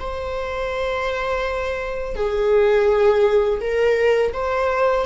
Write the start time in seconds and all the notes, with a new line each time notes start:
0.00 C5
2.16 G#4
3.61 A#4
4.33 C5